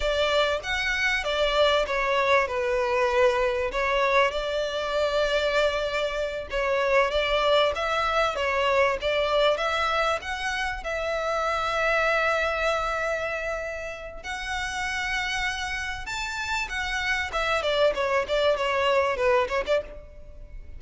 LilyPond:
\new Staff \with { instrumentName = "violin" } { \time 4/4 \tempo 4 = 97 d''4 fis''4 d''4 cis''4 | b'2 cis''4 d''4~ | d''2~ d''8 cis''4 d''8~ | d''8 e''4 cis''4 d''4 e''8~ |
e''8 fis''4 e''2~ e''8~ | e''2. fis''4~ | fis''2 a''4 fis''4 | e''8 d''8 cis''8 d''8 cis''4 b'8 cis''16 d''16 | }